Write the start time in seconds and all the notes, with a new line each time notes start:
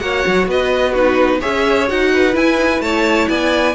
0.00 A#3 F#4 C#5 F#5
0.27 F#3
0.47 B3 B4 D#5
0.92 D#4 F#4 B4
1.40 C#4 G#4 C#5 E5
1.88 D#4 F#4 F#5
2.14 B4
2.33 E4 G#5
2.58 D#4
2.73 E4
2.80 A3 C#5 A5
3.29 B3 D5 G#5